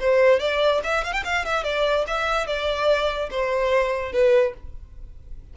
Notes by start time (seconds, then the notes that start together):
0.00 C5
0.40 D5
0.84 E5
1.05 F5
1.13 G5
1.25 F5
1.46 E5
1.64 D5
2.07 E5
2.47 D5
3.31 C5
4.13 B4